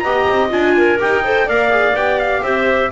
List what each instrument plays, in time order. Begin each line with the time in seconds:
0.00 double bass B3, viola G4, clarinet D#5, trumpet A#5
0.29 double bass C4
0.49 double bass D4, viola F4, trumpet G#5
0.77 clarinet A#4
0.99 double bass D#4, viola G4, trumpet G5
1.24 viola A4, clarinet C5
1.46 double bass A#3, viola A#4, clarinet D5, trumpet F5
1.70 viola G#4
1.94 double bass B3, viola G4, trumpet G5
2.19 trumpet F5
2.43 double bass C4, clarinet C5, trumpet E5